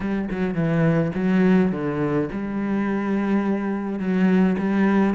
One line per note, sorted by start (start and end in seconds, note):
0.00 0.28 G3
0.30 0.54 F#3
0.54 1.11 E3
1.14 1.71 F#3
1.72 2.29 D3
2.31 3.99 G3
3.99 4.56 F#3
4.58 5.14 G3